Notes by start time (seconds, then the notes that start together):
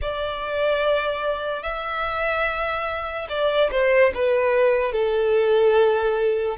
0.01 D5
1.62 E5
3.29 D5
3.71 C5
4.14 B4
4.92 A4